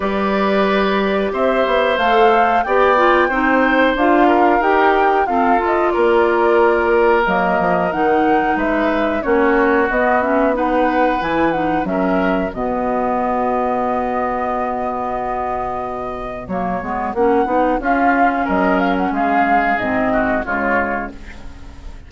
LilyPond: <<
  \new Staff \with { instrumentName = "flute" } { \time 4/4 \tempo 4 = 91 d''2 e''4 f''4 | g''2 f''4 g''4 | f''8 dis''8 d''2 dis''4 | fis''4 e''4 cis''4 dis''8 e''8 |
fis''4 gis''8 fis''8 e''4 dis''4~ | dis''1~ | dis''4 cis''4 fis''4 f''4 | dis''8 f''16 fis''16 f''4 dis''4 cis''4 | }
  \new Staff \with { instrumentName = "oboe" } { \time 4/4 b'2 c''2 | d''4 c''4. ais'4. | a'4 ais'2.~ | ais'4 b'4 fis'2 |
b'2 ais'4 fis'4~ | fis'1~ | fis'2. f'4 | ais'4 gis'4. fis'8 f'4 | }
  \new Staff \with { instrumentName = "clarinet" } { \time 4/4 g'2. a'4 | g'8 f'8 dis'4 f'4 g'4 | c'8 f'2~ f'8 ais4 | dis'2 cis'4 b8 cis'8 |
dis'4 e'8 dis'8 cis'4 b4~ | b1~ | b4 ais8 b8 cis'8 dis'8 cis'4~ | cis'2 c'4 gis4 | }
  \new Staff \with { instrumentName = "bassoon" } { \time 4/4 g2 c'8 b8 a4 | b4 c'4 d'4 dis'4 | f'4 ais2 fis8 f8 | dis4 gis4 ais4 b4~ |
b4 e4 fis4 b,4~ | b,1~ | b,4 fis8 gis8 ais8 b8 cis'4 | fis4 gis4 gis,4 cis4 | }
>>